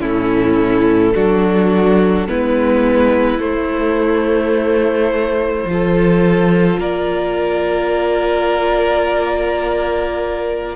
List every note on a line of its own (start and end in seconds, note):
0.00 1.13 A2
0.00 1.14 C#4
0.00 1.13 E4
0.00 2.29 A4
1.14 2.28 F#3
1.14 2.28 D4
1.14 2.28 F#4
2.28 3.39 G#3
2.28 3.40 B3
2.28 5.68 E4
2.28 3.40 B4
3.39 5.64 A3
3.39 5.67 A3
3.39 6.80 C5
5.64 6.77 F3
5.64 10.76 F4
5.72 6.80 A4
6.79 10.76 A#3
6.79 10.76 A#4
6.79 10.76 D5